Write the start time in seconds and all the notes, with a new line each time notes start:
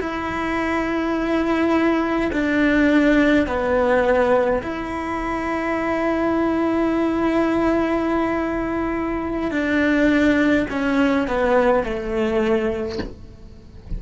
0.00 E4
2.32 D4
3.47 B3
4.63 E4
9.51 D4
10.70 C#4
11.28 B3
11.83 A3